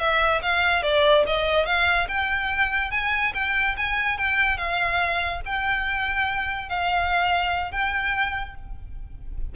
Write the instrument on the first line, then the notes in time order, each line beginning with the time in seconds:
violin
0.00 E5
0.42 F5
0.83 D5
1.27 D#5
1.66 F5
2.09 G5
2.91 G#5
3.35 G5
3.77 G#5
4.18 G5
4.58 F5
5.46 G5
6.69 F5
7.72 G5